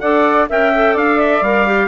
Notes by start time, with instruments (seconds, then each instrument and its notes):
0.00 bassoon D4, clarinet A4, flute D5, trumpet F#5
0.49 bassoon C#4, clarinet A#4, flute E5, trumpet G5
0.75 clarinet A4
0.93 bassoon D4, flute D5, trumpet F5
1.20 trumpet E5
1.42 bassoon G3, clarinet A#4, trumpet F5
1.67 clarinet G4